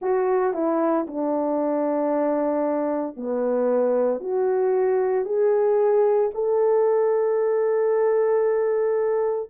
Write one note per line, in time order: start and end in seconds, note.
0.01 0.53 F#4
0.53 1.06 E4
1.07 3.16 D4
3.16 4.20 B3
4.20 5.25 F#4
5.25 6.30 G#4
6.34 9.50 A4